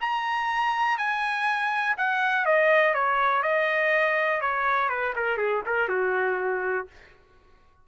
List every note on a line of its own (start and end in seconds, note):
0.00 0.97 A#5
0.97 1.96 G#5
1.97 2.45 F#5
2.45 2.94 D#5
2.94 3.42 C#5
3.42 4.41 D#5
4.41 4.88 C#5
4.88 5.13 B4
5.15 5.37 A#4
5.37 5.61 G#4
5.65 5.88 A#4
5.88 6.87 F#4